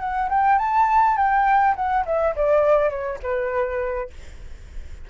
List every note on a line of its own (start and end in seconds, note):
0.00 0.29 F#5
0.30 0.59 G5
0.59 1.17 A5
1.17 1.75 G5
1.76 2.05 F#5
2.06 2.35 E5
2.36 2.90 D5
2.90 3.19 C#5
3.23 4.10 B4